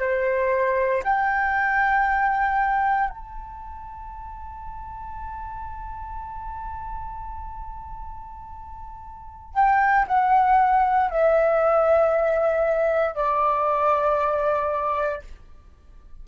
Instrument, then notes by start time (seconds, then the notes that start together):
flute
0.00 C5
1.03 G5
3.10 A5
9.54 G5
10.08 F#5
11.11 E5
13.15 D5